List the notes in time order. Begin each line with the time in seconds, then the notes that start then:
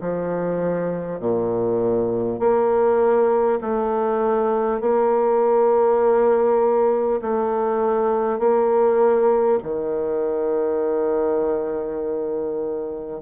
0.00 F3
1.19 A#2
2.39 A#3
3.61 A3
4.81 A#3
7.21 A3
8.38 A#3
9.63 D#3